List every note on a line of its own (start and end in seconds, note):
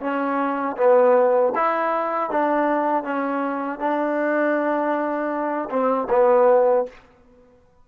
0.00 0.76 C#4
0.77 1.53 B3
1.55 2.30 E4
2.30 3.03 D4
3.03 3.79 C#4
3.79 5.69 D4
5.70 6.08 C4
6.09 6.85 B3